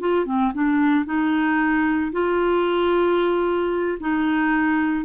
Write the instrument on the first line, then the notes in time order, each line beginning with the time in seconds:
clarinet
0.00 F4
0.25 C4
0.53 D4
1.05 D#4
2.12 F4
3.99 D#4